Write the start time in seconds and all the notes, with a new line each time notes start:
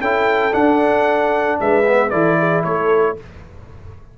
0.00 C#4 E4 A4 G5
0.52 D4 F#5
1.60 G#3 B4 E5
1.87 B3
2.10 E3 E4 A4 D5
2.39 G#4
2.63 A3 A4 C#5